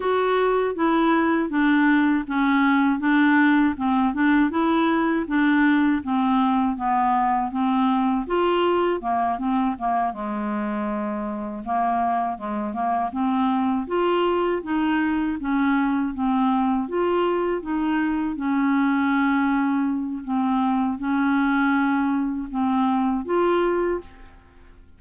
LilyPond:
\new Staff \with { instrumentName = "clarinet" } { \time 4/4 \tempo 4 = 80 fis'4 e'4 d'4 cis'4 | d'4 c'8 d'8 e'4 d'4 | c'4 b4 c'4 f'4 | ais8 c'8 ais8 gis2 ais8~ |
ais8 gis8 ais8 c'4 f'4 dis'8~ | dis'8 cis'4 c'4 f'4 dis'8~ | dis'8 cis'2~ cis'8 c'4 | cis'2 c'4 f'4 | }